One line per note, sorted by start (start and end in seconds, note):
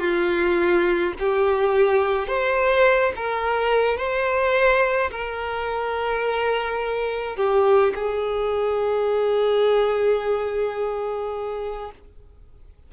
0.00 1.13 F4
1.19 2.27 G4
2.27 3.12 C5
3.16 3.97 A#4
3.97 5.10 C5
5.11 7.36 A#4
7.36 7.93 G4
7.95 11.91 G#4